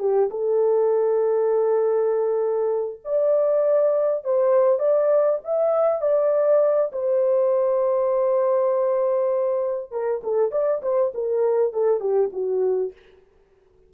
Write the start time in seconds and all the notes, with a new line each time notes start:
0.00 G4
0.31 A4
3.05 D5
4.25 C5
4.80 D5
5.45 E5
6.02 D5
6.92 C5
9.92 A#4
10.24 A4
10.52 D5
10.83 C5
11.15 A#4
11.74 A4
12.01 G4
12.33 F#4